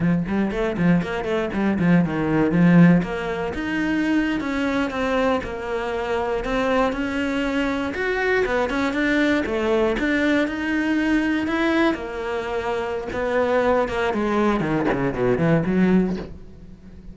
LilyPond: \new Staff \with { instrumentName = "cello" } { \time 4/4 \tempo 4 = 119 f8 g8 a8 f8 ais8 a8 g8 f8 | dis4 f4 ais4 dis'4~ | dis'8. cis'4 c'4 ais4~ ais16~ | ais8. c'4 cis'2 fis'16~ |
fis'8. b8 cis'8 d'4 a4 d'16~ | d'8. dis'2 e'4 ais16~ | ais2 b4. ais8 | gis4 dis8 cis8 b,8 e8 fis4 | }